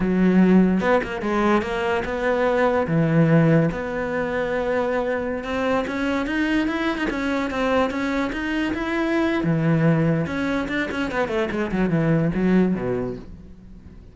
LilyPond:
\new Staff \with { instrumentName = "cello" } { \time 4/4 \tempo 4 = 146 fis2 b8 ais8 gis4 | ais4 b2 e4~ | e4 b2.~ | b4~ b16 c'4 cis'4 dis'8.~ |
dis'16 e'8. dis'16 cis'4 c'4 cis'8.~ | cis'16 dis'4 e'4.~ e'16 e4~ | e4 cis'4 d'8 cis'8 b8 a8 | gis8 fis8 e4 fis4 b,4 | }